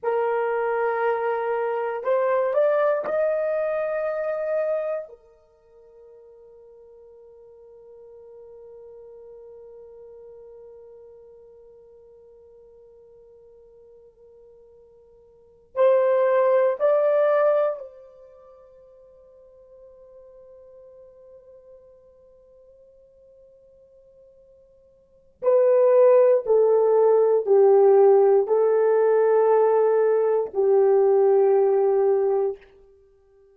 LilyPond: \new Staff \with { instrumentName = "horn" } { \time 4/4 \tempo 4 = 59 ais'2 c''8 d''8 dis''4~ | dis''4 ais'2.~ | ais'1~ | ais'2.~ ais'8 c''8~ |
c''8 d''4 c''2~ c''8~ | c''1~ | c''4 b'4 a'4 g'4 | a'2 g'2 | }